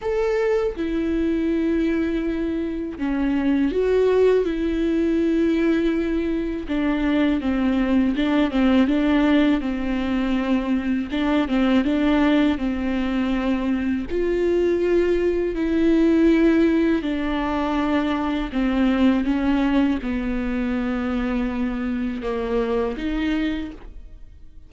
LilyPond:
\new Staff \with { instrumentName = "viola" } { \time 4/4 \tempo 4 = 81 a'4 e'2. | cis'4 fis'4 e'2~ | e'4 d'4 c'4 d'8 c'8 | d'4 c'2 d'8 c'8 |
d'4 c'2 f'4~ | f'4 e'2 d'4~ | d'4 c'4 cis'4 b4~ | b2 ais4 dis'4 | }